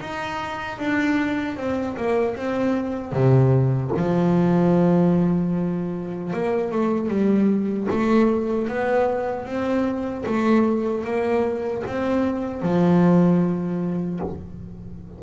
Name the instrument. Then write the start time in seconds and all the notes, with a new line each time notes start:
double bass
0.00 D#4
0.78 D4
1.56 C4
1.96 A#3
2.35 C4
3.12 C3
3.96 F3
6.33 A#3
6.71 A3
7.08 G3
7.90 A3
8.68 B3
9.45 C4
10.26 A3
11.04 A#3
11.86 C4
12.62 F3